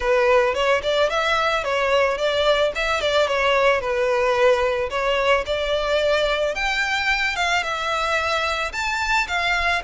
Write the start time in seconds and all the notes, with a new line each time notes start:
0.00 B4
0.54 C#5
0.82 D5
1.09 E5
1.64 C#5
2.17 D5
2.75 E5
3.00 D5
3.27 C#5
3.80 B4
4.90 C#5
5.46 D5
6.54 G5
7.35 F5
7.63 E5
8.72 A5
9.27 F5